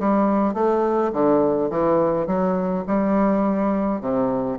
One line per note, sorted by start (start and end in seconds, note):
0.00 0.55 G3
0.55 1.12 A3
1.13 1.71 D3
1.71 2.27 E3
2.27 2.85 F#3
2.88 4.01 G3
4.01 4.59 C3